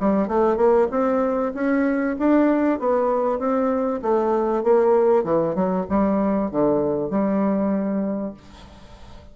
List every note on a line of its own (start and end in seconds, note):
0.00 0.28 G3
0.28 0.57 A3
0.57 0.88 A#3
0.91 1.53 C4
1.55 2.16 C#4
2.19 2.79 D4
2.79 3.39 B3
3.39 4.01 C4
4.02 4.64 A3
4.64 5.24 A#3
5.24 5.55 E3
5.55 5.86 F#3
5.90 6.51 G3
6.51 7.10 D3
7.10 8.34 G3